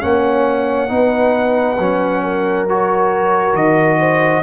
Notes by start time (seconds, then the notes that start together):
0.00 A#3 C#4 C#5 F#5
0.88 B3 D#4 B4
1.78 F#3 C#4
2.23 A#4
2.69 F#4 C#5
3.53 D#3 D#5
3.99 C5